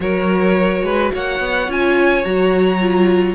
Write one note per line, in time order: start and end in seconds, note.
0.00 0.82 F#3
0.00 1.67 F#4
0.00 0.84 A#4
0.00 1.12 C#5
0.82 1.10 G#3
0.82 1.12 B4
1.13 1.39 A#3
1.13 3.35 C#5
1.13 1.71 F#5
1.39 1.67 B3
1.67 2.23 C#4
1.67 2.24 F4
1.67 2.24 G#5
2.24 3.35 F#3
2.24 2.79 F#4
2.24 3.35 A#5
2.79 3.35 F4